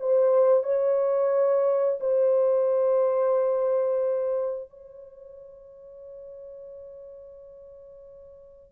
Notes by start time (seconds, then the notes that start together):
0.00 C5
0.64 C#5
2.00 C5
4.70 C#5